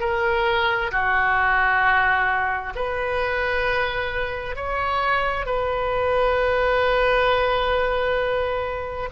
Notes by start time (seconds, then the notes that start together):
0.00 A#4
0.91 F#4
2.75 B4
4.56 C#5
5.46 B4